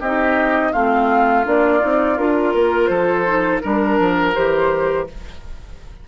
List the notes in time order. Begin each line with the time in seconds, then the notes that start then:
0.00 C4 D#4 G4 D#5
0.72 A3 C4 F4 F5
1.44 A#3 D4 D5
1.80 C4 D#4
2.18 D4 F4 A#4
2.54 A#3 A#4
2.87 F3 A4 C5
3.26 D#4
3.60 G3 D4 A#4
3.99 F3
4.34 E3 G4 C5